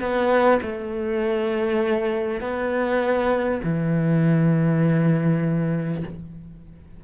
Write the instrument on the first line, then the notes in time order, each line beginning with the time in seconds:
cello
0.00 B3
0.62 A3
2.41 B3
3.64 E3